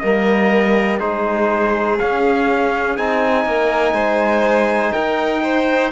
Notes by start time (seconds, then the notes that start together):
0.00 G3 A#3 A#4 D#5
0.99 G#3 D#4 G#4 C5
2.00 C#4 F5
2.97 C4 D#4 G#5
3.45 A#3 A#4
3.93 G#3 C5
4.92 D#4 A#4 G5
5.43 C5